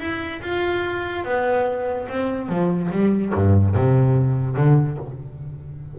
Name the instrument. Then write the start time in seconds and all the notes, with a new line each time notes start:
double bass
0.00 E4
0.42 F4
1.25 B3
2.09 C4
2.49 F3
2.92 G3
3.34 G2
3.75 C3
4.57 D3